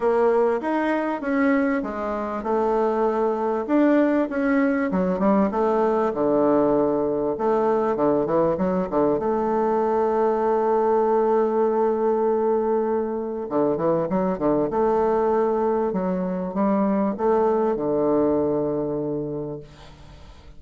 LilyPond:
\new Staff \with { instrumentName = "bassoon" } { \time 4/4 \tempo 4 = 98 ais4 dis'4 cis'4 gis4 | a2 d'4 cis'4 | fis8 g8 a4 d2 | a4 d8 e8 fis8 d8 a4~ |
a1~ | a2 d8 e8 fis8 d8 | a2 fis4 g4 | a4 d2. | }